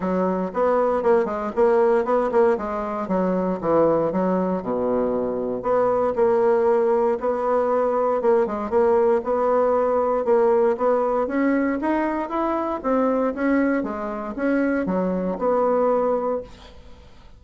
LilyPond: \new Staff \with { instrumentName = "bassoon" } { \time 4/4 \tempo 4 = 117 fis4 b4 ais8 gis8 ais4 | b8 ais8 gis4 fis4 e4 | fis4 b,2 b4 | ais2 b2 |
ais8 gis8 ais4 b2 | ais4 b4 cis'4 dis'4 | e'4 c'4 cis'4 gis4 | cis'4 fis4 b2 | }